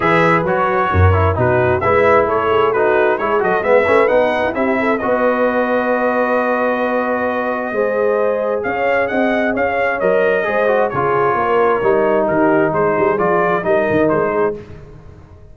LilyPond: <<
  \new Staff \with { instrumentName = "trumpet" } { \time 4/4 \tempo 4 = 132 e''4 cis''2 b'4 | e''4 cis''4 b'4 cis''8 dis''8 | e''4 fis''4 e''4 dis''4~ | dis''1~ |
dis''2. f''4 | fis''4 f''4 dis''2 | cis''2. ais'4 | c''4 d''4 dis''4 c''4 | }
  \new Staff \with { instrumentName = "horn" } { \time 4/4 b'2 ais'4 fis'4 | b'4 a'8 gis'8 fis'4 gis'8 a'8 | b'2 g'8 a'8 b'4~ | b'1~ |
b'4 c''2 cis''4 | dis''4 cis''2 c''4 | gis'4 ais'2 g'4 | gis'2 ais'4. gis'8 | }
  \new Staff \with { instrumentName = "trombone" } { \time 4/4 gis'4 fis'4. e'8 dis'4 | e'2 dis'4 e'8 fis'8 | b8 cis'8 dis'4 e'4 fis'4~ | fis'1~ |
fis'4 gis'2.~ | gis'2 ais'4 gis'8 fis'8 | f'2 dis'2~ | dis'4 f'4 dis'2 | }
  \new Staff \with { instrumentName = "tuba" } { \time 4/4 e4 fis4 fis,4 b,4 | gis4 a2 gis8 fis8 | gis8 a8 b8. e'16 c'4 b4~ | b1~ |
b4 gis2 cis'4 | c'4 cis'4 fis4 gis4 | cis4 ais4 g4 dis4 | gis8 g8 f4 g8 dis8 gis4 | }
>>